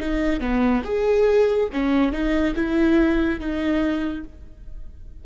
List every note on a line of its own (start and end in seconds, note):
0.00 0.40 D#4
0.40 0.83 B3
0.85 1.69 G#4
1.72 2.12 C#4
2.12 2.54 D#4
2.55 3.40 E4
3.40 4.24 D#4